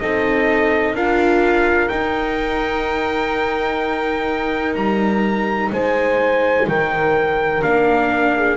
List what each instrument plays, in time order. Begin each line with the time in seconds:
0.00 double bass C4, viola D#4, horn A4, trumpet D#5
0.94 double bass D4, viola F4, horn A#4, trumpet F5
1.89 viola D#4, double bass D#4, trumpet G5
4.75 double bass G3, trumpet A#5
5.72 double bass G#3, horn C5, trumpet G#5
6.67 double bass D#3, horn A#4, trumpet G5
7.62 double bass A#3, viola D4, trumpet F5
8.37 horn G#4